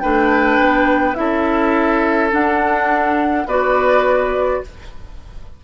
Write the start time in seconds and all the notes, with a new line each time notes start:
0.00 A3 D4 B4 G5
0.59 B3
1.15 C#4 E4 A4 E5
2.31 D4 F#5
3.46 B3 F#4 B4 D5